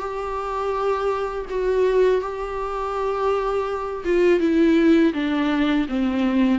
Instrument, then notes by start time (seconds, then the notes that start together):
viola
0.00 G4
1.50 F#4
2.22 G4
4.05 F4
4.40 E4
5.14 D4
5.89 C4